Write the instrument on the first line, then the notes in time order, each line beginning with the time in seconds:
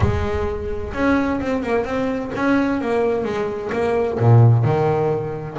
double bass
0.00 G#3
0.93 C#4
1.40 C4
1.63 A#3
1.84 C4
2.35 C#4
2.81 A#3
3.24 G#3
3.72 A#3
4.19 A#2
4.64 D#3